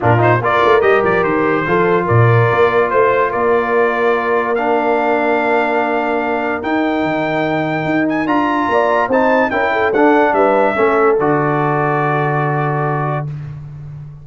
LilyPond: <<
  \new Staff \with { instrumentName = "trumpet" } { \time 4/4 \tempo 4 = 145 ais'8 c''8 d''4 dis''8 d''8 c''4~ | c''4 d''2 c''4 | d''2. f''4~ | f''1 |
g''2.~ g''8 gis''8 | ais''2 a''4 g''4 | fis''4 e''2 d''4~ | d''1 | }
  \new Staff \with { instrumentName = "horn" } { \time 4/4 f'4 ais'2. | a'4 ais'2 c''4 | ais'1~ | ais'1~ |
ais'1~ | ais'4 d''4 c''4 ais'8 a'8~ | a'4 b'4 a'2~ | a'1 | }
  \new Staff \with { instrumentName = "trombone" } { \time 4/4 d'8 dis'8 f'4 g'2 | f'1~ | f'2. d'4~ | d'1 |
dis'1 | f'2 dis'4 e'4 | d'2 cis'4 fis'4~ | fis'1 | }
  \new Staff \with { instrumentName = "tuba" } { \time 4/4 ais,4 ais8 a8 g8 f8 dis4 | f4 ais,4 ais4 a4 | ais1~ | ais1 |
dis'4 dis2 dis'4 | d'4 ais4 c'4 cis'4 | d'4 g4 a4 d4~ | d1 | }
>>